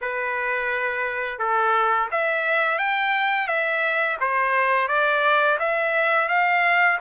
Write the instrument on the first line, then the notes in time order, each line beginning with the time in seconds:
trumpet
0.01 B4
1.39 A4
2.11 E5
2.78 G5
3.47 E5
4.20 C5
4.88 D5
5.59 E5
6.28 F5